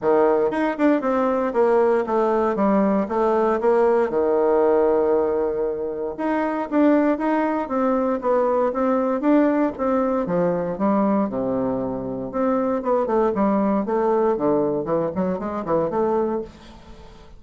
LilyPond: \new Staff \with { instrumentName = "bassoon" } { \time 4/4 \tempo 4 = 117 dis4 dis'8 d'8 c'4 ais4 | a4 g4 a4 ais4 | dis1 | dis'4 d'4 dis'4 c'4 |
b4 c'4 d'4 c'4 | f4 g4 c2 | c'4 b8 a8 g4 a4 | d4 e8 fis8 gis8 e8 a4 | }